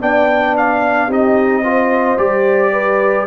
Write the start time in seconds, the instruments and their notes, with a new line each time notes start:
0.00 tuba B3, trombone D4, horn D5, trumpet G5
0.57 trumpet F5
1.07 tuba C4, trombone D#4, horn G4, trumpet D#5
1.63 trombone F4, horn C5
2.17 tuba G3, trombone G4, trumpet D5
2.72 horn B4